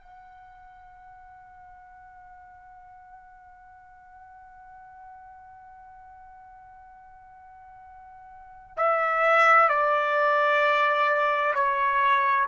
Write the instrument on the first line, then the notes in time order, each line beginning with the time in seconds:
trumpet
0.00 F#5
8.77 E5
9.68 D5
11.54 C#5